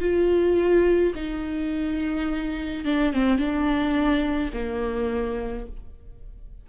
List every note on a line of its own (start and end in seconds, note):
0.00 1.13 F4
1.15 2.85 D#4
2.85 3.13 D4
3.13 3.38 C4
3.38 4.51 D4
4.53 5.67 A#3